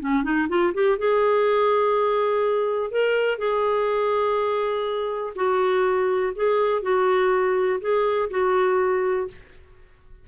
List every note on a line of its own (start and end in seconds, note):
0.00 0.23 C#4
0.23 0.47 D#4
0.48 0.73 F4
0.74 0.98 G4
0.98 2.91 G#4
2.91 3.38 A#4
3.38 5.33 G#4
5.35 6.33 F#4
6.35 6.82 G#4
6.82 7.80 F#4
7.80 8.29 G#4
8.30 9.27 F#4